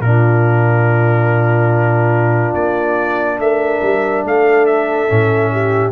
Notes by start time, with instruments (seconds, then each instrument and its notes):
0.00 tuba A#2, trombone D4, horn F4, trumpet A#4
2.54 tuba A#3, trumpet D5
3.39 tuba A3, horn A#4, trumpet E5
3.82 tuba G3
4.24 tuba A3, horn A4, trumpet F5
4.66 trumpet E5
5.09 tuba A2, trombone C#4
5.52 horn G4